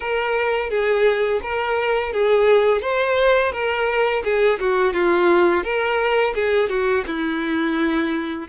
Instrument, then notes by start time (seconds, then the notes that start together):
violin
0.00 A#4
0.70 G#4
1.42 A#4
2.12 G#4
2.81 C5
3.52 A#4
4.24 G#4
4.59 F#4
4.93 F4
5.63 A#4
6.35 G#4
6.69 F#4
7.06 E4